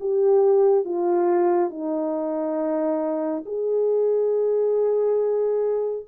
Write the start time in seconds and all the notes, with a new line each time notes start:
0.00 G4
0.85 F4
1.70 D#4
3.45 G#4